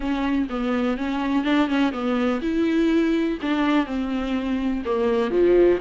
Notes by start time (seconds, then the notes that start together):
0.00 C#4
0.49 B3
0.97 C#4
1.44 D4
1.67 C#4
1.92 B3
2.41 E4
3.41 D4
3.86 C4
4.85 A#3
5.30 F3